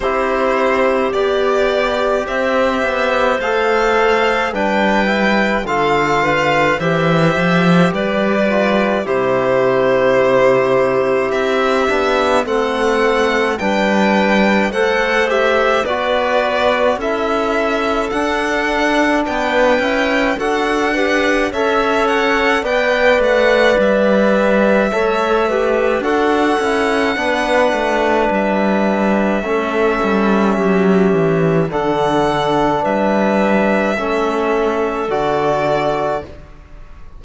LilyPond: <<
  \new Staff \with { instrumentName = "violin" } { \time 4/4 \tempo 4 = 53 c''4 d''4 e''4 f''4 | g''4 f''4 e''4 d''4 | c''2 e''4 fis''4 | g''4 fis''8 e''8 d''4 e''4 |
fis''4 g''4 fis''4 e''8 fis''8 | g''8 fis''8 e''2 fis''4~ | fis''4 e''2. | fis''4 e''2 d''4 | }
  \new Staff \with { instrumentName = "clarinet" } { \time 4/4 g'2 c''2 | b'4 a'8 b'8 c''4 b'4 | g'2. a'4 | b'4 c''4 b'4 a'4~ |
a'4 b'4 a'8 b'8 cis''4 | d''2 cis''8 b'8 a'4 | b'2 a'4 g'4 | a'4 b'4 a'2 | }
  \new Staff \with { instrumentName = "trombone" } { \time 4/4 e'4 g'2 a'4 | d'8 e'8 f'4 g'4. f'8 | e'2~ e'8 d'8 c'4 | d'4 a'8 g'8 fis'4 e'4 |
d'4. e'8 fis'8 g'8 a'4 | b'2 a'8 g'8 fis'8 e'8 | d'2 cis'2 | d'2 cis'4 fis'4 | }
  \new Staff \with { instrumentName = "cello" } { \time 4/4 c'4 b4 c'8 b8 a4 | g4 d4 e8 f8 g4 | c2 c'8 b8 a4 | g4 a4 b4 cis'4 |
d'4 b8 cis'8 d'4 cis'4 | b8 a8 g4 a4 d'8 cis'8 | b8 a8 g4 a8 g8 fis8 e8 | d4 g4 a4 d4 | }
>>